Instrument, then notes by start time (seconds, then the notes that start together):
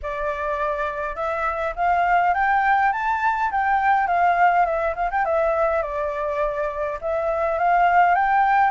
flute
0.02 D5
1.15 E5
1.75 F5
2.34 G5
2.92 A5
3.51 G5
4.07 F5
4.65 E5
4.95 F5
5.10 G5
5.25 E5
5.82 D5
7.01 E5
7.58 F5
8.14 G5